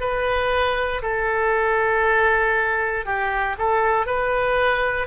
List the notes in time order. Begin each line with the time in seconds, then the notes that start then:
0.00 B4
1.02 A4
3.05 G4
3.58 A4
4.06 B4